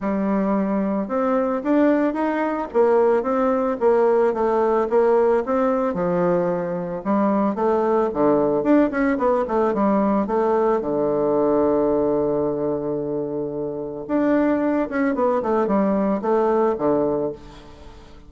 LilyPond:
\new Staff \with { instrumentName = "bassoon" } { \time 4/4 \tempo 4 = 111 g2 c'4 d'4 | dis'4 ais4 c'4 ais4 | a4 ais4 c'4 f4~ | f4 g4 a4 d4 |
d'8 cis'8 b8 a8 g4 a4 | d1~ | d2 d'4. cis'8 | b8 a8 g4 a4 d4 | }